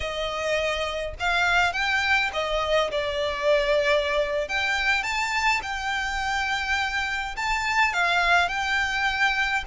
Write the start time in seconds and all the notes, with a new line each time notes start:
0.00 D#5
1.19 F5
1.72 G5
2.33 D#5
2.91 D5
4.48 G5
5.03 A5
5.62 G5
7.36 A5
7.93 F5
8.48 G5